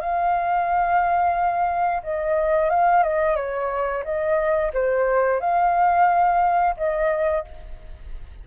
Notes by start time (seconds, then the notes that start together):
0.00 F5
2.03 D#5
2.70 F5
3.03 D#5
3.36 C#5
4.04 D#5
4.73 C5
5.41 F5
6.77 D#5